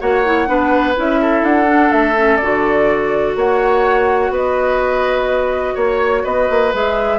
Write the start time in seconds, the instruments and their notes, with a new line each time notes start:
0.00 bassoon A#3, clarinet F#4, oboe C#5, flute F#5
0.25 clarinet E4
0.47 bassoon B3, clarinet D4, oboe B4
0.96 bassoon C#4, clarinet E4, flute E5
1.21 oboe A4
1.43 bassoon D4, flute F#5
1.66 clarinet D4
1.92 bassoon A3, flute E5
2.16 clarinet C#4
2.37 bassoon D3, clarinet F#4, flute D5
3.35 bassoon A#3, oboe C#5, flute F#5
4.30 bassoon B3, oboe B4, flute D#5
5.75 bassoon A#3, oboe C#5, flute C#5
6.23 bassoon B3, oboe B4, flute D#5
6.50 bassoon A#3
6.73 bassoon G#3, clarinet G#4, flute E5